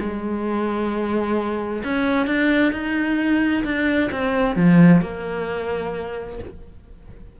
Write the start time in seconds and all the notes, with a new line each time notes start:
0.00 G#3
1.84 C#4
2.27 D4
2.73 D#4
3.65 D4
4.12 C4
4.56 F3
5.02 A#3